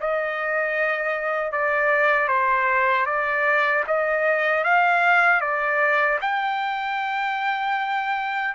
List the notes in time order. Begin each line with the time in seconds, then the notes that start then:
0.00 D#5
1.52 D5
2.28 C5
3.06 D5
3.87 D#5
4.64 F5
5.41 D5
6.21 G5